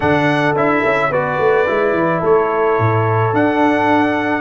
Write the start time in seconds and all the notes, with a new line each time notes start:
0.00 D3 D4 A4 F#5
0.55 D4 E4 E5
0.84 C#4
1.10 B3 F#4 B4 D5
1.38 A3
1.66 G#3 E4
1.93 E3
2.20 A3 A4 C#5
2.79 A2
3.33 D4 F#5